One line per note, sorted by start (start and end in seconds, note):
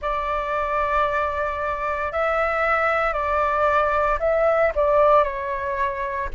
0.01 2.12 D5
2.12 3.13 E5
3.13 4.18 D5
4.19 4.72 E5
4.75 5.23 D5
5.23 6.28 C#5